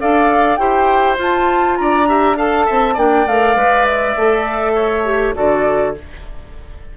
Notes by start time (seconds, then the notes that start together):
0.00 D4 A4 D5 F5
0.56 E4 G4 C5 G5
1.17 F4 A5
1.77 D4 D5 A#5
2.07 G4 E5
2.36 A4 F5 A5
2.65 C4 E5
2.93 A#3 D4 D5 G5
3.26 A3 A#4 F5
3.55 G#3 B4
3.85 E5
4.16 A3 A4
4.75 C#5
5.04 G4
5.34 D3 F#4 A4 D5